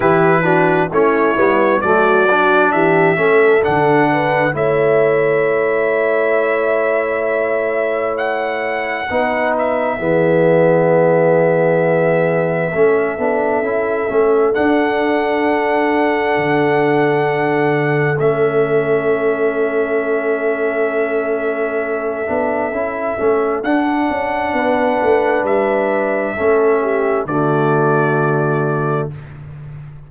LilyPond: <<
  \new Staff \with { instrumentName = "trumpet" } { \time 4/4 \tempo 4 = 66 b'4 cis''4 d''4 e''4 | fis''4 e''2.~ | e''4 fis''4. e''4.~ | e''1 |
fis''1 | e''1~ | e''2 fis''2 | e''2 d''2 | }
  \new Staff \with { instrumentName = "horn" } { \time 4/4 g'8 fis'8 e'4 fis'4 g'8 a'8~ | a'8 b'8 cis''2.~ | cis''2 b'4 gis'4~ | gis'2 a'2~ |
a'1~ | a'1~ | a'2. b'4~ | b'4 a'8 g'8 fis'2 | }
  \new Staff \with { instrumentName = "trombone" } { \time 4/4 e'8 d'8 cis'8 b8 a8 d'4 cis'8 | d'4 e'2.~ | e'2 dis'4 b4~ | b2 cis'8 d'8 e'8 cis'8 |
d'1 | cis'1~ | cis'8 d'8 e'8 cis'8 d'2~ | d'4 cis'4 a2 | }
  \new Staff \with { instrumentName = "tuba" } { \time 4/4 e4 a8 g8 fis4 e8 a8 | d4 a2.~ | a2 b4 e4~ | e2 a8 b8 cis'8 a8 |
d'2 d2 | a1~ | a8 b8 cis'8 a8 d'8 cis'8 b8 a8 | g4 a4 d2 | }
>>